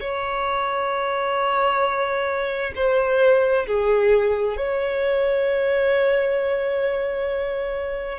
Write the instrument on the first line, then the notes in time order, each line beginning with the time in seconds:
violin
0.00 C#5
2.76 C5
3.67 G#4
4.57 C#5